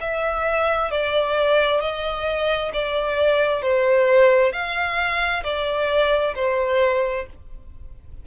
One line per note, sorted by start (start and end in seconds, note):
0.00 0.90 E5
0.90 1.80 D5
1.80 2.71 D#5
2.73 3.62 D5
3.62 4.52 C5
4.52 5.43 F5
5.43 6.34 D5
6.35 7.26 C5